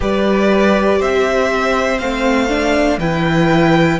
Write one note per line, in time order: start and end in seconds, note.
0.00 1.01 G3
0.00 1.97 G4
0.00 0.98 B4
0.00 1.01 D5
0.98 2.01 C4
0.98 2.98 C5
0.98 1.98 E5
1.98 2.98 A3
1.98 2.49 C4
1.98 2.98 F5
2.49 2.99 D4
2.98 3.98 E3
2.98 3.99 E4
2.98 3.99 B4
2.98 3.99 G5